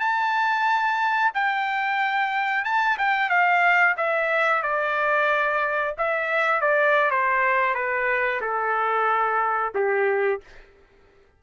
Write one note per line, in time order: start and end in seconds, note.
0.00 1.32 A5
1.34 2.65 G5
2.65 2.98 A5
2.98 3.30 G5
3.30 3.96 F5
3.97 4.63 E5
4.63 5.95 D5
5.98 6.61 E5
6.61 7.11 D5
7.11 7.75 C5
7.75 8.41 B4
8.41 9.73 A4
9.75 10.41 G4